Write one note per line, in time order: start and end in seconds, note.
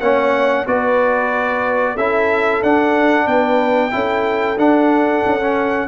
0.00 0.65 A#3
0.00 0.66 C#4
0.00 0.66 C#5
0.00 0.66 F#5
0.66 1.97 B3
0.66 1.97 F#4
0.66 1.95 B4
0.66 1.97 D5
1.95 2.62 C#4
1.95 2.63 E4
1.95 3.25 A4
1.95 2.62 E5
2.63 3.27 D4
2.63 3.91 D4
2.63 3.28 F#5
3.27 3.92 B3
3.27 3.92 B4
3.27 4.58 G5
3.91 4.58 C#4
3.91 4.57 E4
3.91 5.88 A4
4.58 5.23 D4
4.58 5.40 D4
4.58 5.88 F#5
5.26 5.88 C#4
5.41 5.88 C#4